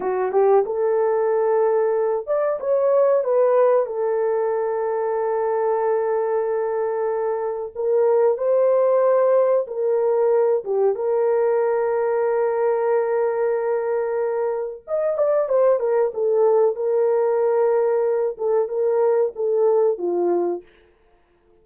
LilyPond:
\new Staff \with { instrumentName = "horn" } { \time 4/4 \tempo 4 = 93 fis'8 g'8 a'2~ a'8 d''8 | cis''4 b'4 a'2~ | a'1 | ais'4 c''2 ais'4~ |
ais'8 g'8 ais'2.~ | ais'2. dis''8 d''8 | c''8 ais'8 a'4 ais'2~ | ais'8 a'8 ais'4 a'4 f'4 | }